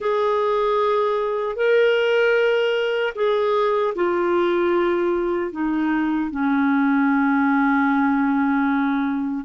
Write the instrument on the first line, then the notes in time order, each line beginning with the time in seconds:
clarinet
0.00 G#4
1.55 A#4
3.15 G#4
3.95 F4
5.51 D#4
6.31 C#4